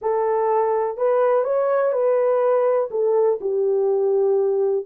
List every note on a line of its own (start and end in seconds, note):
0.01 0.97 A4
0.97 1.44 B4
1.44 1.92 C#5
1.92 2.89 B4
2.91 3.39 A4
3.40 4.85 G4